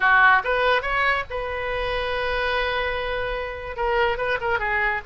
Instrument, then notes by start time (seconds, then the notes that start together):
oboe
0.00 F#4
0.43 B4
0.82 C#5
1.30 B4
3.76 A#4
4.17 B4
4.40 A#4
4.59 G#4